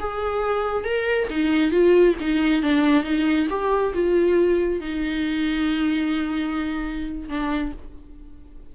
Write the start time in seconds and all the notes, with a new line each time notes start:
0.00 G#4
0.85 A#4
1.31 D#4
1.72 F4
2.21 D#4
2.63 D4
3.04 D#4
3.50 G4
3.94 F4
4.81 D#4
7.29 D4